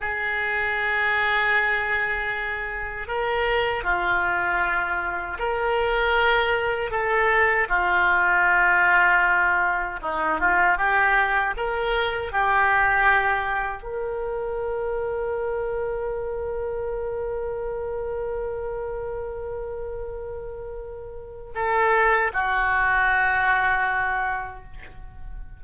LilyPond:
\new Staff \with { instrumentName = "oboe" } { \time 4/4 \tempo 4 = 78 gis'1 | ais'4 f'2 ais'4~ | ais'4 a'4 f'2~ | f'4 dis'8 f'8 g'4 ais'4 |
g'2 ais'2~ | ais'1~ | ais'1 | a'4 fis'2. | }